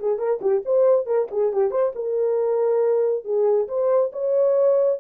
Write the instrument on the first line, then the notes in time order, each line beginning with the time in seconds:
horn
0.00 G#4
0.19 A#4
0.42 G4
0.66 C5
1.07 A#4
1.32 G#4
1.53 G4
1.71 C5
1.96 A#4
3.25 G#4
3.68 C5
4.13 C#5